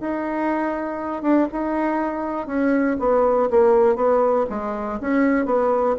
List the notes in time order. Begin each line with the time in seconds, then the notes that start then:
0.00 D#4
1.22 D4
1.52 D#4
2.47 C#4
2.99 B3
3.50 A#3
3.95 B3
4.49 G#3
5.00 C#4
5.45 B3